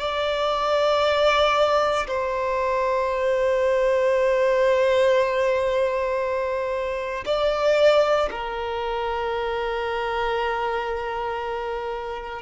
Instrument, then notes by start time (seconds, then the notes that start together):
violin
0.00 D5
2.07 C5
7.26 D5
8.31 A#4